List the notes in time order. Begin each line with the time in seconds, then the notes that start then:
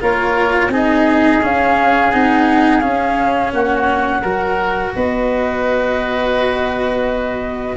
0.00 A#3 F4 A#4 C#5
0.69 C4 D#4 G#4 D#5
1.42 C#4 F5
2.11 C4 D#4 F#5
2.80 C#4 F5
3.53 A#3 F#4 F#5
4.22 F#3 F#4 A#4
4.95 B3 B4 D#5